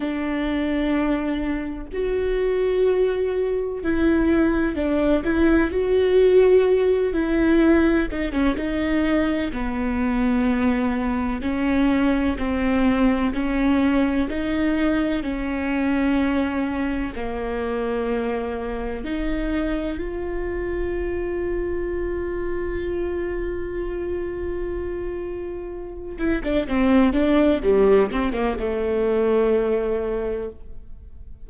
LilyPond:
\new Staff \with { instrumentName = "viola" } { \time 4/4 \tempo 4 = 63 d'2 fis'2 | e'4 d'8 e'8 fis'4. e'8~ | e'8 dis'16 cis'16 dis'4 b2 | cis'4 c'4 cis'4 dis'4 |
cis'2 ais2 | dis'4 f'2.~ | f'2.~ f'8 e'16 d'16 | c'8 d'8 g8 c'16 ais16 a2 | }